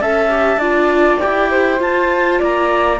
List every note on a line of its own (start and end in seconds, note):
0.00 0.56 C#4
0.00 0.29 A4
0.00 0.58 E5
0.00 1.20 A5
0.29 0.59 G4
0.56 1.16 D4
0.56 1.20 F4
0.56 1.48 D5
1.20 1.80 E4
1.20 1.77 G4
1.20 1.80 G5
1.50 2.39 C5
1.77 2.97 F4
1.77 2.40 F4
1.77 2.41 A5
2.39 3.00 A#3
2.39 2.99 D5
2.39 3.00 A#5